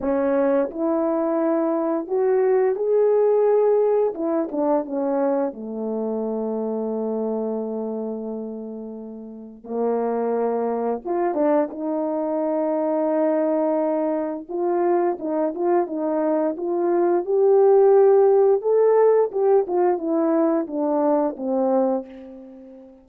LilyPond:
\new Staff \with { instrumentName = "horn" } { \time 4/4 \tempo 4 = 87 cis'4 e'2 fis'4 | gis'2 e'8 d'8 cis'4 | a1~ | a2 ais2 |
f'8 d'8 dis'2.~ | dis'4 f'4 dis'8 f'8 dis'4 | f'4 g'2 a'4 | g'8 f'8 e'4 d'4 c'4 | }